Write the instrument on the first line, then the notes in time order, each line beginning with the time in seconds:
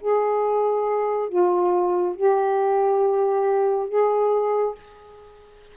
saxophone
0.00 G#4
1.29 F4
2.16 G4
3.88 G#4